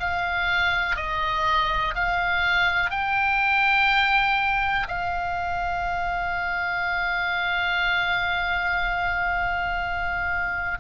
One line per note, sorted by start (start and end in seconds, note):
0.00 0.96 F5
0.96 1.94 D#5
1.95 2.91 F5
2.91 4.87 G5
4.88 10.78 F5